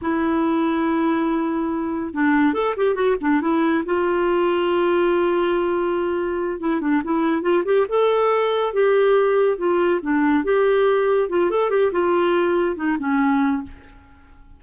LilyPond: \new Staff \with { instrumentName = "clarinet" } { \time 4/4 \tempo 4 = 141 e'1~ | e'4 d'4 a'8 g'8 fis'8 d'8 | e'4 f'2.~ | f'2.~ f'8 e'8 |
d'8 e'4 f'8 g'8 a'4.~ | a'8 g'2 f'4 d'8~ | d'8 g'2 f'8 a'8 g'8 | f'2 dis'8 cis'4. | }